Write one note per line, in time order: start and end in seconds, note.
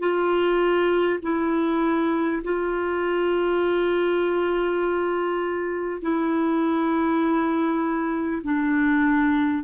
0.00 1.20 F4
1.23 2.43 E4
2.44 6.02 F4
6.02 8.42 E4
8.44 9.64 D4